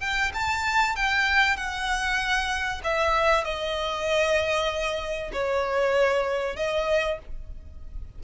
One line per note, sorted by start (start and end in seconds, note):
0.00 0.31 G5
0.34 0.95 A5
0.95 1.56 G5
1.56 2.81 F#5
2.83 3.44 E5
3.44 5.31 D#5
5.32 6.56 C#5
6.56 7.18 D#5